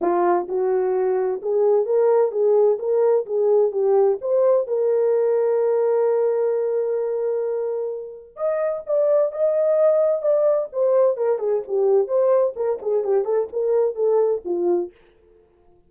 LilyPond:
\new Staff \with { instrumentName = "horn" } { \time 4/4 \tempo 4 = 129 f'4 fis'2 gis'4 | ais'4 gis'4 ais'4 gis'4 | g'4 c''4 ais'2~ | ais'1~ |
ais'2 dis''4 d''4 | dis''2 d''4 c''4 | ais'8 gis'8 g'4 c''4 ais'8 gis'8 | g'8 a'8 ais'4 a'4 f'4 | }